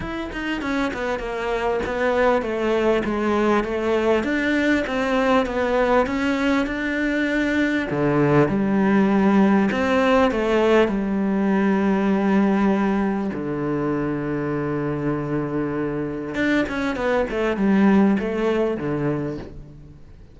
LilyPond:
\new Staff \with { instrumentName = "cello" } { \time 4/4 \tempo 4 = 99 e'8 dis'8 cis'8 b8 ais4 b4 | a4 gis4 a4 d'4 | c'4 b4 cis'4 d'4~ | d'4 d4 g2 |
c'4 a4 g2~ | g2 d2~ | d2. d'8 cis'8 | b8 a8 g4 a4 d4 | }